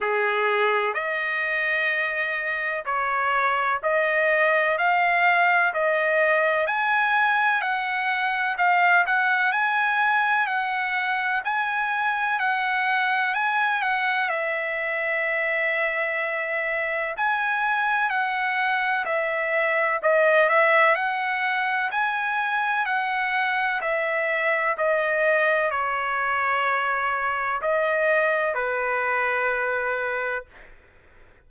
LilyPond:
\new Staff \with { instrumentName = "trumpet" } { \time 4/4 \tempo 4 = 63 gis'4 dis''2 cis''4 | dis''4 f''4 dis''4 gis''4 | fis''4 f''8 fis''8 gis''4 fis''4 | gis''4 fis''4 gis''8 fis''8 e''4~ |
e''2 gis''4 fis''4 | e''4 dis''8 e''8 fis''4 gis''4 | fis''4 e''4 dis''4 cis''4~ | cis''4 dis''4 b'2 | }